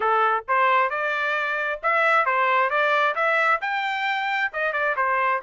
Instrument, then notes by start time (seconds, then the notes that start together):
trumpet
0.00 A4
0.48 C5
0.90 D5
1.83 E5
2.25 C5
2.69 D5
3.15 E5
3.61 G5
4.52 D#5
4.72 D5
4.96 C5